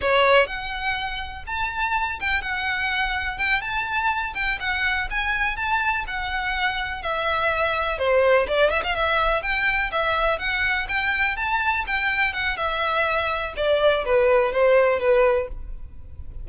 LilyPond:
\new Staff \with { instrumentName = "violin" } { \time 4/4 \tempo 4 = 124 cis''4 fis''2 a''4~ | a''8 g''8 fis''2 g''8 a''8~ | a''4 g''8 fis''4 gis''4 a''8~ | a''8 fis''2 e''4.~ |
e''8 c''4 d''8 e''16 f''16 e''4 g''8~ | g''8 e''4 fis''4 g''4 a''8~ | a''8 g''4 fis''8 e''2 | d''4 b'4 c''4 b'4 | }